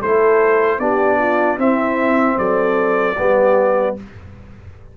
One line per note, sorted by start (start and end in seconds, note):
0.00 0.78 A3
0.00 0.80 E4
0.00 0.79 A4
0.00 0.79 C5
0.78 1.57 B3
0.78 1.58 D4
0.78 1.18 G4
0.78 1.58 D5
1.18 1.58 F4
1.57 2.36 C4
1.57 3.15 C4
1.57 2.37 E4
1.57 2.38 E5
2.37 3.16 F#3
2.37 3.17 A4
2.37 3.96 D5
3.17 3.97 G3
3.17 3.96 B3
3.17 3.96 G4